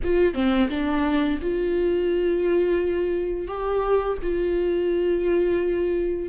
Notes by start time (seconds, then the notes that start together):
0.03 F4
0.34 C4
0.69 D4
1.41 F4
3.47 G4
4.22 F4